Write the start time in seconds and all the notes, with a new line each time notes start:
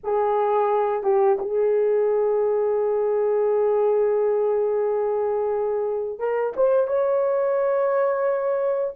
0.03 G#4
1.03 G4
1.39 G#4
6.19 A#4
6.56 C5
6.87 C#5